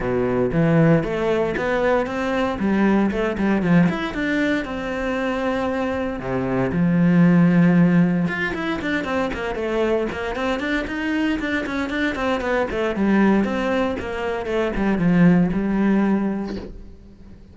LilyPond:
\new Staff \with { instrumentName = "cello" } { \time 4/4 \tempo 4 = 116 b,4 e4 a4 b4 | c'4 g4 a8 g8 f8 e'8 | d'4 c'2. | c4 f2. |
f'8 e'8 d'8 c'8 ais8 a4 ais8 | c'8 d'8 dis'4 d'8 cis'8 d'8 c'8 | b8 a8 g4 c'4 ais4 | a8 g8 f4 g2 | }